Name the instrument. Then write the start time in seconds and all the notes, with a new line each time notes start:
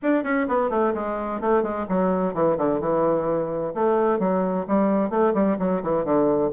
bassoon
0.02 D4
0.23 C#4
0.48 B3
0.70 A3
0.94 G#3
1.40 A3
1.62 G#3
1.88 F#3
2.34 E3
2.57 D3
2.80 E3
3.74 A3
4.19 F#3
4.67 G3
5.10 A3
5.34 G3
5.59 F#3
5.82 E3
6.04 D3